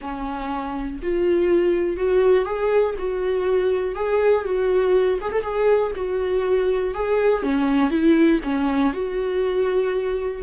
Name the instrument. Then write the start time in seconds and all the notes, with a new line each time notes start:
viola
0.01 C#4
1.02 F4
1.97 F#4
2.45 G#4
2.98 F#4
3.95 G#4
4.44 F#4
5.21 G#4
5.32 A4
5.42 G#4
5.95 F#4
6.94 G#4
7.42 C#4
7.90 E4
8.43 C#4
8.93 F#4